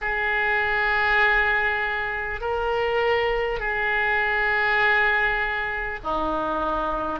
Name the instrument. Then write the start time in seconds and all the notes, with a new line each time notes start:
oboe
0.01 G#4
2.41 A#4
3.59 G#4
6.03 D#4